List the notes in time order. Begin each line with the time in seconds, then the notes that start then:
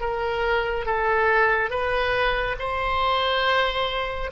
0.00 A#4
0.86 A4
1.70 B4
2.59 C5